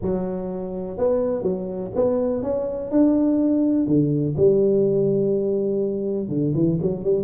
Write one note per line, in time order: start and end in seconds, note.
0.02 0.97 F#3
0.97 1.43 B3
1.43 1.91 F#3
1.95 2.42 B3
2.42 2.91 C#4
2.91 3.86 D4
3.86 4.35 D3
4.36 6.28 G3
6.28 6.52 D3
6.54 6.79 E3
6.81 7.04 F#3
7.04 7.24 G3